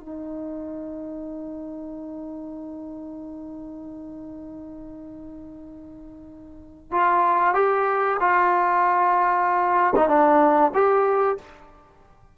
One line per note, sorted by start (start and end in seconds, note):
0.00 6.92 D#4
6.92 7.54 F4
7.54 8.17 G4
8.20 9.94 F4
9.96 10.09 D#4
10.09 10.72 D4
10.74 11.37 G4